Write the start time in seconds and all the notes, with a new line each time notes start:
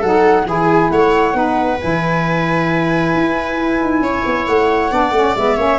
0.00 F#3 D#4 A4 F#5
0.46 E3 E4 G#4 G#5
0.91 A3 C#5 F#5
1.34 B3 D#4 B4
1.80 E3 E4 G#5
3.15 E4
3.81 D#4
4.00 C#4 C#5
4.26 B3
4.47 A3 F#5
4.91 B3 D4 D5
5.12 A3 C#4
5.36 G#3 B3 E5
5.57 A#3 C#4 C#5